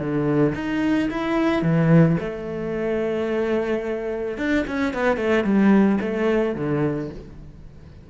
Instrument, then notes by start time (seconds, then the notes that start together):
cello
0.00 D3
0.55 D#4
1.11 E4
1.63 E3
2.21 A3
4.38 D4
4.68 C#4
4.94 B3
5.17 A3
5.45 G3
6.01 A3
6.56 D3